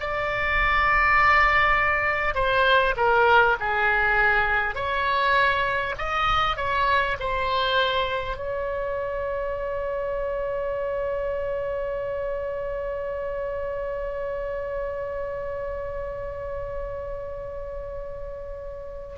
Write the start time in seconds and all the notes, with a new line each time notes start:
0.00 D5
2.35 C5
2.96 A#4
3.60 G#4
4.75 C#5
5.98 D#5
6.56 C#5
7.19 C5
8.36 C#5